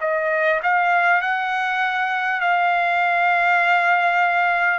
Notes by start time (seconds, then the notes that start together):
0.00 D#5
0.63 F5
1.21 F#5
2.40 F5